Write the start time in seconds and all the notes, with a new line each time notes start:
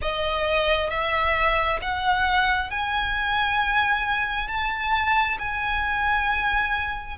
0.01 D#5
0.90 E5
1.81 F#5
2.70 G#5
4.48 A5
5.39 G#5